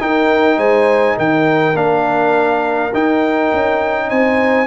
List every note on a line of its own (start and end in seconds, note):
0.00 1.74 D#4
0.00 0.57 D#4
0.00 0.58 A#4
0.00 0.58 G5
0.57 1.15 G#3
0.57 1.16 C5
0.57 1.17 G#5
1.16 1.74 D#3
1.16 4.08 A#4
1.16 1.76 G5
1.74 2.90 A#3
1.74 2.91 D4
1.74 2.93 F5
2.93 3.51 D#4
2.93 4.66 D#4
2.93 4.09 G5
3.53 4.10 C#4
4.09 4.66 C4
4.09 4.66 C5
4.09 4.66 G#5